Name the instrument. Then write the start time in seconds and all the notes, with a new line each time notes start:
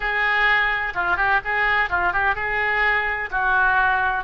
oboe
0.00 G#4
0.94 F4
1.16 G4
1.44 G#4
1.89 F4
2.12 G4
2.35 G#4
3.30 F#4